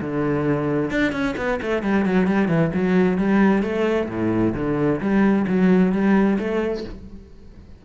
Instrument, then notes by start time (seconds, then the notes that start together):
cello
0.00 D3
0.90 D4
1.12 C#4
1.37 B3
1.62 A3
1.82 G3
2.05 F#3
2.27 G3
2.48 E3
2.74 F#3
3.18 G3
3.62 A3
4.08 A2
4.54 D3
5.00 G3
5.47 F#3
5.92 G3
6.38 A3